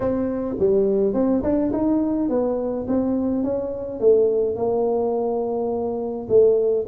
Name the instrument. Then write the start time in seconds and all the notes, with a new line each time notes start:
tuba
0.00 C4
0.59 G3
1.13 C4
1.43 D4
1.72 D#4
2.29 B3
2.87 C4
3.43 C#4
3.99 A3
4.56 A#3
6.29 A3